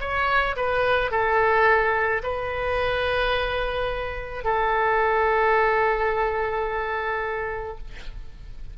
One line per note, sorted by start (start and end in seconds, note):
0.00 0.56 C#5
0.56 1.11 B4
1.11 2.22 A4
2.23 4.44 B4
4.44 7.77 A4